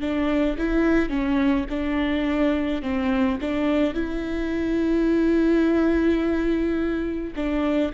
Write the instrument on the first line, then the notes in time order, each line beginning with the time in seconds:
viola
0.00 D4
0.58 E4
1.09 C#4
1.70 D4
2.82 C4
3.41 D4
3.94 E4
7.36 D4